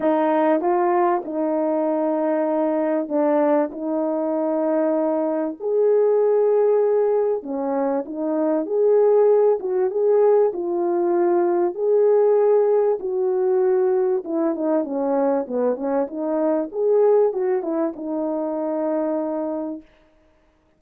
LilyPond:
\new Staff \with { instrumentName = "horn" } { \time 4/4 \tempo 4 = 97 dis'4 f'4 dis'2~ | dis'4 d'4 dis'2~ | dis'4 gis'2. | cis'4 dis'4 gis'4. fis'8 |
gis'4 f'2 gis'4~ | gis'4 fis'2 e'8 dis'8 | cis'4 b8 cis'8 dis'4 gis'4 | fis'8 e'8 dis'2. | }